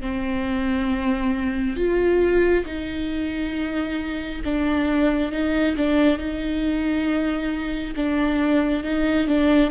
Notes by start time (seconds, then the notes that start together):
0.00 C4
1.76 F4
2.65 D#4
4.44 D4
5.31 D#4
5.76 D4
6.18 D#4
7.95 D4
8.83 D#4
9.27 D4